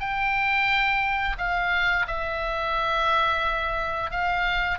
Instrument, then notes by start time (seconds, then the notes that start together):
oboe
0.00 G5
1.38 F5
2.07 E5
4.11 F5